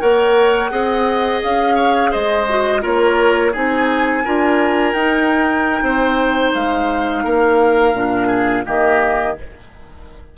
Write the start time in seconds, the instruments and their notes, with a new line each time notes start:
0.00 bassoon A#3, clarinet A#4, oboe C#5, flute F#5
0.71 bassoon C4, clarinet G#4, oboe D#5
1.43 bassoon C#4, flute F5
1.76 oboe C#5
2.11 bassoon G#3, oboe C5, flute D#5
2.50 clarinet F#4
2.81 bassoon A#3, clarinet F4, oboe A#4, flute C#5
3.53 bassoon C4, clarinet D#4, oboe G#4, flute G#5
4.25 bassoon D4, clarinet F4, oboe A#4
4.94 bassoon D#4, clarinet D#4, flute G5
5.82 bassoon C4, oboe C5
6.54 bassoon G#3, flute F5
7.24 bassoon A#3, oboe A#4
7.94 bassoon A#2, clarinet D4
8.28 oboe G#4
8.65 bassoon D#3, clarinet A#3, oboe G4, flute D#5